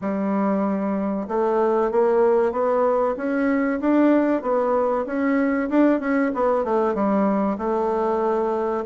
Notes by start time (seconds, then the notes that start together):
0.01 G3
1.28 A3
1.91 A#3
2.52 B3
3.16 C#4
3.80 D4
4.42 B3
5.06 C#4
5.69 D4
5.99 C#4
6.34 B3
6.64 A3
6.94 G3
7.58 A3